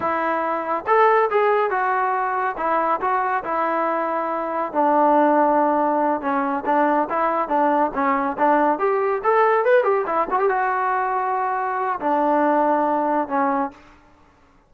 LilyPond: \new Staff \with { instrumentName = "trombone" } { \time 4/4 \tempo 4 = 140 e'2 a'4 gis'4 | fis'2 e'4 fis'4 | e'2. d'4~ | d'2~ d'8 cis'4 d'8~ |
d'8 e'4 d'4 cis'4 d'8~ | d'8 g'4 a'4 b'8 g'8 e'8 | fis'16 g'16 fis'2.~ fis'8 | d'2. cis'4 | }